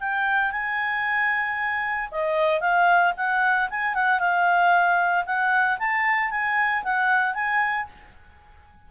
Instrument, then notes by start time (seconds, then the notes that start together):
clarinet
0.00 G5
0.52 G#5
2.11 D#5
2.60 F5
3.17 F#5
3.70 G#5
3.94 F#5
4.19 F5
5.25 F#5
5.79 A5
6.30 G#5
6.84 F#5
7.34 G#5